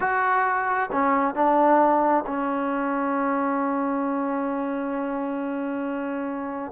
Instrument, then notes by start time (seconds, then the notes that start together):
trombone
0.00 F#4
0.92 C#4
1.35 D4
2.27 C#4